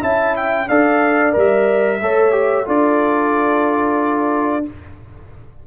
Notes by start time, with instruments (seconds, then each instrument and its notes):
0.00 tuba C#4, trombone E4, horn E5, trumpet A5
0.36 trumpet G5
0.68 tuba D4, trombone A4, horn D5, trumpet F5
1.33 tuba G3, trombone A#4
1.39 trumpet E5
2.01 tuba A3, trombone A4, horn C#5
2.31 trombone G4
2.65 tuba D4, trombone F4, horn A4, trumpet D5